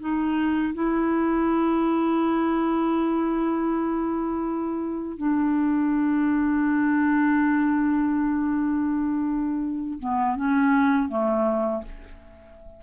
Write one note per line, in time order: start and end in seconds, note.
0.00 0.74 D#4
0.74 5.18 E4
5.18 9.99 D4
10.00 10.36 B3
10.36 11.09 C#4
11.09 11.83 A3